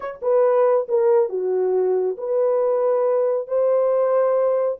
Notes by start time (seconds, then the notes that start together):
0.00 C#5
0.22 B4
0.88 A#4
1.29 F#4
2.17 B4
3.47 C5